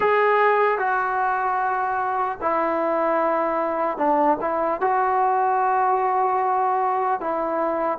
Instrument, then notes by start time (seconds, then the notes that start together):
trombone
0.00 G#4
0.78 F#4
2.41 E4
3.97 D4
4.40 E4
4.80 F#4
7.20 E4